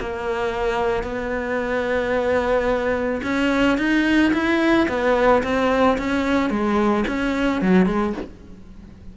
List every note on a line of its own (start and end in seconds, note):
0.00 1.03 A#3
1.03 3.21 B3
3.23 3.78 C#4
3.78 4.32 D#4
4.33 4.88 E4
4.88 5.43 B3
5.43 5.98 C4
5.98 6.50 C#4
6.50 7.04 G#3
7.07 7.61 C#4
7.61 7.86 F#3
7.86 8.13 G#3